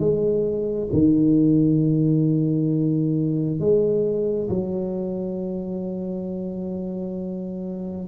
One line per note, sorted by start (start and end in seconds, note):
0.00 0.90 G#3
0.93 3.60 D#3
3.60 4.50 G#3
4.50 8.08 F#3